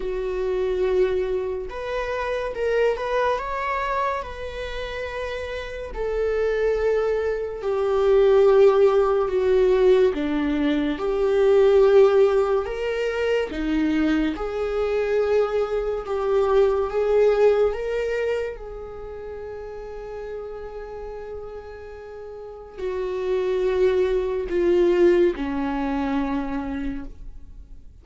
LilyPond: \new Staff \with { instrumentName = "viola" } { \time 4/4 \tempo 4 = 71 fis'2 b'4 ais'8 b'8 | cis''4 b'2 a'4~ | a'4 g'2 fis'4 | d'4 g'2 ais'4 |
dis'4 gis'2 g'4 | gis'4 ais'4 gis'2~ | gis'2. fis'4~ | fis'4 f'4 cis'2 | }